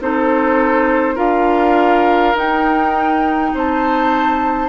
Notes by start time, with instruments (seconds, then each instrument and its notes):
0.00 bassoon C4, clarinet D#4, oboe A4, flute C5
1.14 bassoon D4, clarinet F4, oboe A#4, flute F5
2.34 bassoon D#4, clarinet D#4, flute G5
3.54 bassoon C4, oboe C5, flute A5